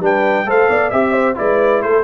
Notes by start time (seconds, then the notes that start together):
0.00 G3 D4 B4 G5
0.45 A3 A4 C5 F5
0.69 B3 D5
0.90 C4 G4 E5
1.12 C5
1.35 G#3 E4 B4 D5
1.82 A3 A4 C5